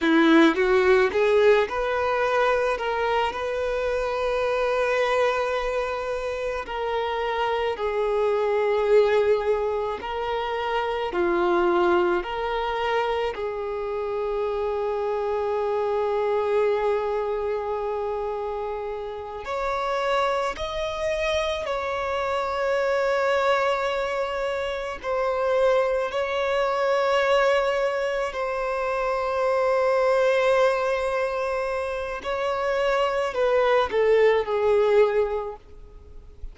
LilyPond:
\new Staff \with { instrumentName = "violin" } { \time 4/4 \tempo 4 = 54 e'8 fis'8 gis'8 b'4 ais'8 b'4~ | b'2 ais'4 gis'4~ | gis'4 ais'4 f'4 ais'4 | gis'1~ |
gis'4. cis''4 dis''4 cis''8~ | cis''2~ cis''8 c''4 cis''8~ | cis''4. c''2~ c''8~ | c''4 cis''4 b'8 a'8 gis'4 | }